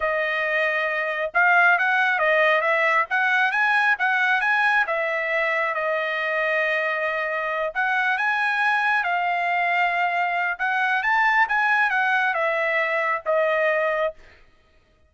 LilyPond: \new Staff \with { instrumentName = "trumpet" } { \time 4/4 \tempo 4 = 136 dis''2. f''4 | fis''4 dis''4 e''4 fis''4 | gis''4 fis''4 gis''4 e''4~ | e''4 dis''2.~ |
dis''4. fis''4 gis''4.~ | gis''8 f''2.~ f''8 | fis''4 a''4 gis''4 fis''4 | e''2 dis''2 | }